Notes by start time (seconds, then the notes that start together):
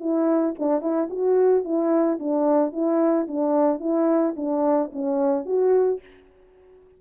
0.00 E4
0.59 D4
0.81 E4
1.10 F#4
1.64 E4
2.20 D4
2.73 E4
3.28 D4
3.80 E4
4.37 D4
4.93 C#4
5.46 F#4